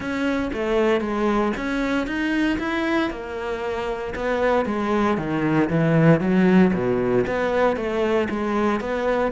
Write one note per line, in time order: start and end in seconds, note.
0.00 0.50 C#4
0.53 1.00 A3
1.00 1.52 G#3
1.56 2.06 C#4
2.06 2.58 D#4
2.58 3.10 E4
3.10 4.14 A#3
4.15 4.65 B3
4.65 5.17 G#3
5.17 5.69 D#3
5.69 6.20 E3
6.20 6.71 F#3
6.73 7.25 B2
7.26 7.76 B3
7.76 8.28 A3
8.29 8.80 G#3
8.80 9.31 B3